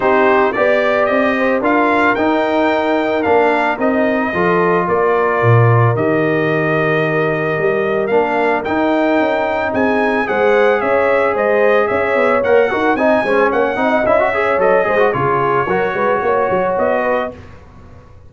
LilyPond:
<<
  \new Staff \with { instrumentName = "trumpet" } { \time 4/4 \tempo 4 = 111 c''4 d''4 dis''4 f''4 | g''2 f''4 dis''4~ | dis''4 d''2 dis''4~ | dis''2. f''4 |
g''2 gis''4 fis''4 | e''4 dis''4 e''4 fis''4 | gis''4 fis''4 e''4 dis''4 | cis''2. dis''4 | }
  \new Staff \with { instrumentName = "horn" } { \time 4/4 g'4 d''4. c''8 ais'4~ | ais'1 | a'4 ais'2.~ | ais'1~ |
ais'2 gis'4 c''4 | cis''4 c''4 cis''4. ais'8 | dis''8 c''8 cis''8 dis''4 cis''4 c''8 | gis'4 ais'8 b'8 cis''4. b'8 | }
  \new Staff \with { instrumentName = "trombone" } { \time 4/4 dis'4 g'2 f'4 | dis'2 d'4 dis'4 | f'2. g'4~ | g'2. d'4 |
dis'2. gis'4~ | gis'2. ais'8 fis'8 | dis'8 cis'4 dis'8 e'16 fis'16 gis'8 a'8 gis'16 fis'16 | f'4 fis'2. | }
  \new Staff \with { instrumentName = "tuba" } { \time 4/4 c'4 b4 c'4 d'4 | dis'2 ais4 c'4 | f4 ais4 ais,4 dis4~ | dis2 g4 ais4 |
dis'4 cis'4 c'4 gis4 | cis'4 gis4 cis'8 b8 ais8 dis'8 | c'8 gis8 ais8 c'8 cis'4 fis8 gis8 | cis4 fis8 gis8 ais8 fis8 b4 | }
>>